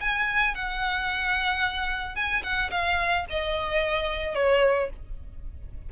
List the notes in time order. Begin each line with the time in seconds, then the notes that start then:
0.00 G#5
0.54 F#5
2.15 G#5
2.43 F#5
2.70 F5
3.29 D#5
4.35 C#5